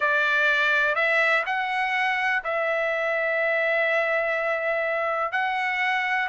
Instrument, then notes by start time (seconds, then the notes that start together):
trumpet
0.00 D5
0.95 E5
1.46 F#5
2.43 E5
5.31 F#5